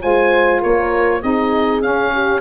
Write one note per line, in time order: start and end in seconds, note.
0.00 0.63 G#3
0.00 1.20 F4
0.00 0.60 C5
0.00 0.62 G#5
0.60 1.23 A#3
0.60 1.21 A#4
0.60 1.22 C#5
1.21 1.82 C4
1.21 1.81 D#4
1.21 2.13 G#4
1.21 1.82 D#5
1.81 2.41 C#4
1.81 2.41 F5
2.13 2.41 G4